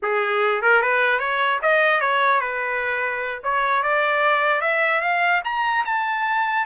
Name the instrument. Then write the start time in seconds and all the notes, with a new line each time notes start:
trumpet
0.02 G#4
0.62 A#4
0.81 B4
1.19 C#5
1.62 D#5
2.00 C#5
2.40 B4
3.43 C#5
3.83 D5
4.61 E5
5.01 F5
5.44 A#5
5.85 A5